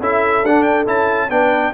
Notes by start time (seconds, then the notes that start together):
0.00 C#4 E4 A4 E5
0.43 D4 F#5
0.63 G5
0.87 C#4 E4 A5
1.30 B3 D4 B4 G5